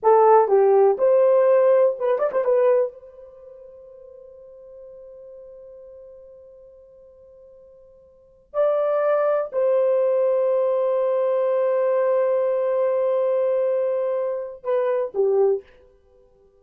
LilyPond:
\new Staff \with { instrumentName = "horn" } { \time 4/4 \tempo 4 = 123 a'4 g'4 c''2 | b'8 d''16 c''16 b'4 c''2~ | c''1~ | c''1~ |
c''4. d''2 c''8~ | c''1~ | c''1~ | c''2 b'4 g'4 | }